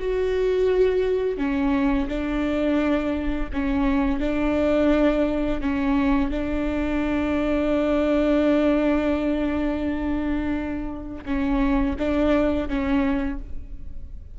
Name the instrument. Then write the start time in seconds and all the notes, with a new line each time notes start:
viola
0.00 F#4
1.38 C#4
2.09 D4
3.53 C#4
4.20 D4
5.61 C#4
6.31 D4
11.26 C#4
11.99 D4
12.69 C#4